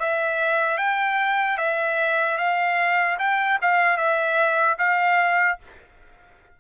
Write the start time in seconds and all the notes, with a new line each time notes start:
0.00 E5
0.78 G5
1.58 E5
2.38 F5
3.19 G5
3.62 F5
3.97 E5
4.79 F5